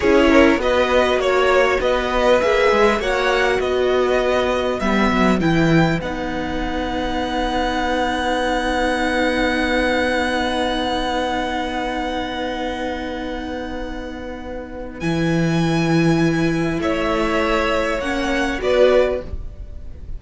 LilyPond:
<<
  \new Staff \with { instrumentName = "violin" } { \time 4/4 \tempo 4 = 100 cis''4 dis''4 cis''4 dis''4 | e''4 fis''4 dis''2 | e''4 g''4 fis''2~ | fis''1~ |
fis''1~ | fis''1~ | fis''4 gis''2. | e''2 fis''4 d''4 | }
  \new Staff \with { instrumentName = "violin" } { \time 4/4 gis'8 ais'8 b'4 cis''4 b'4~ | b'4 cis''4 b'2~ | b'1~ | b'1~ |
b'1~ | b'1~ | b'1 | cis''2. b'4 | }
  \new Staff \with { instrumentName = "viola" } { \time 4/4 e'4 fis'2. | gis'4 fis'2. | b4 e'4 dis'2~ | dis'1~ |
dis'1~ | dis'1~ | dis'4 e'2.~ | e'2 cis'4 fis'4 | }
  \new Staff \with { instrumentName = "cello" } { \time 4/4 cis'4 b4 ais4 b4 | ais8 gis8 ais4 b2 | g8 fis8 e4 b2~ | b1~ |
b1~ | b1~ | b4 e2. | a2 ais4 b4 | }
>>